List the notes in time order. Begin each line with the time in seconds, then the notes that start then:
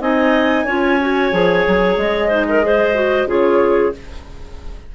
0.00 C4 D#4 D#5 G#5
0.65 C#4 F4 C#5
1.01 F#4
1.32 F3 G#4
1.68 F#3
1.97 G#3 D#5
2.29 D#4 C5
2.49 A#4
2.62 G#4 C5
2.95 F#4
3.26 C#3 F4 G#4 C#5